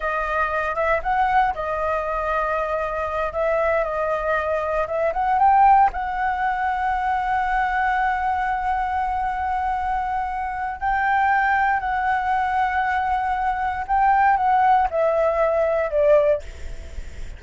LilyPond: \new Staff \with { instrumentName = "flute" } { \time 4/4 \tempo 4 = 117 dis''4. e''8 fis''4 dis''4~ | dis''2~ dis''8 e''4 dis''8~ | dis''4. e''8 fis''8 g''4 fis''8~ | fis''1~ |
fis''1~ | fis''4 g''2 fis''4~ | fis''2. g''4 | fis''4 e''2 d''4 | }